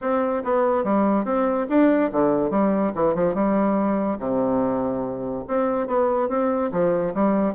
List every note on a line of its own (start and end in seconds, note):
0.01 0.43 C4
0.44 0.84 B3
0.84 1.24 G3
1.24 1.66 C4
1.69 2.11 D4
2.12 2.50 D3
2.50 2.92 G3
2.94 3.14 E3
3.14 3.34 F3
3.34 4.18 G3
4.18 5.44 C3
5.47 5.87 C4
5.87 6.28 B3
6.28 6.70 C4
6.72 7.13 F3
7.14 7.54 G3